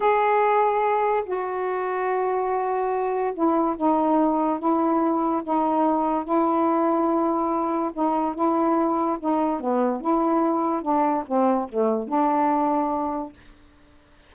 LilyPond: \new Staff \with { instrumentName = "saxophone" } { \time 4/4 \tempo 4 = 144 gis'2. fis'4~ | fis'1 | e'4 dis'2 e'4~ | e'4 dis'2 e'4~ |
e'2. dis'4 | e'2 dis'4 b4 | e'2 d'4 c'4 | a4 d'2. | }